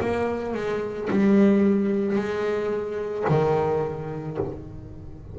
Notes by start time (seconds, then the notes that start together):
0.00 A#3
0.54 G#3
1.10 G3
2.15 G#3
3.28 D#3